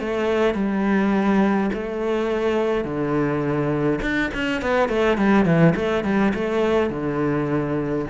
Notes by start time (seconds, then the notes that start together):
0.00 A3
0.54 G3
1.73 A3
2.85 D3
4.01 D4
4.34 C#4
4.62 B3
4.89 A3
5.17 G3
5.45 E3
5.76 A3
6.04 G3
6.34 A3
6.90 D3